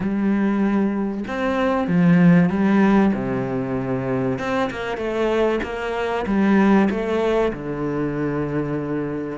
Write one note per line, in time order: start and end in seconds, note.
0.00 1.24 G3
1.27 1.87 C4
1.87 2.49 F3
2.49 3.12 G3
3.14 4.38 C3
4.38 4.70 C4
4.70 4.97 A#3
4.97 5.59 A3
5.62 6.25 A#3
6.26 6.89 G3
6.89 7.52 A3
7.52 9.38 D3